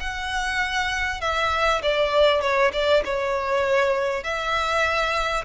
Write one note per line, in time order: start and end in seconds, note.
0.00 1.21 F#5
1.21 1.81 E5
1.82 2.41 D5
2.41 2.71 C#5
2.73 3.03 D5
3.05 4.24 C#5
4.24 5.45 E5